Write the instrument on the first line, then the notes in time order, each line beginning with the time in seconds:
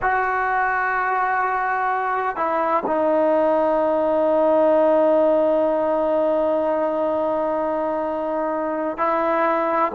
trombone
0.02 F#4
2.36 E4
2.86 D#4
8.97 E4